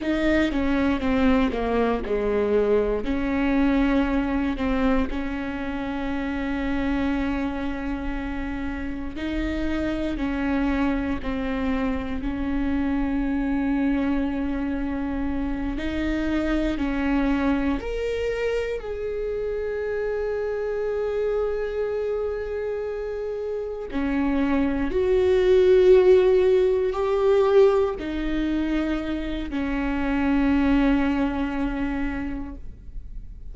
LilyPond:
\new Staff \with { instrumentName = "viola" } { \time 4/4 \tempo 4 = 59 dis'8 cis'8 c'8 ais8 gis4 cis'4~ | cis'8 c'8 cis'2.~ | cis'4 dis'4 cis'4 c'4 | cis'2.~ cis'8 dis'8~ |
dis'8 cis'4 ais'4 gis'4.~ | gis'2.~ gis'8 cis'8~ | cis'8 fis'2 g'4 dis'8~ | dis'4 cis'2. | }